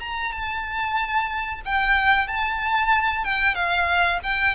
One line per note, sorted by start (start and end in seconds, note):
0.00 0.32 A#5
0.33 1.62 A5
1.66 2.28 G5
2.28 3.25 A5
3.25 3.55 G5
3.55 4.20 F5
4.23 4.55 G5